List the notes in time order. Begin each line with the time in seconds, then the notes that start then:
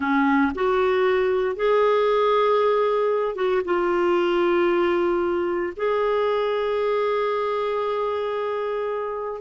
0.00 C#4
0.54 F#4
1.56 G#4
3.35 F#4
3.64 F4
5.76 G#4